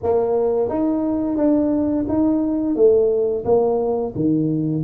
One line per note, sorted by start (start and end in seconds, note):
0.03 0.69 A#3
0.69 1.36 D#4
1.36 2.05 D4
2.08 2.75 D#4
2.75 3.44 A3
3.44 4.13 A#3
4.15 4.83 D#3